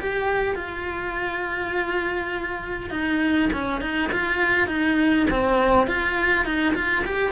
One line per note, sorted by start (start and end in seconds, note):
0.00 0.56 G4
0.56 2.91 F4
2.91 3.50 D#4
3.53 3.82 C#4
3.82 4.11 D#4
4.13 4.68 F4
4.68 5.27 D#4
5.31 5.87 C4
5.87 6.45 F4
6.45 6.75 D#4
6.75 7.05 F4
7.05 7.32 G4